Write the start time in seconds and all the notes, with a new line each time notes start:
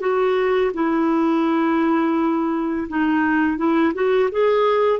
0.00 F#4
0.74 E4
2.89 D#4
3.57 E4
3.94 F#4
4.31 G#4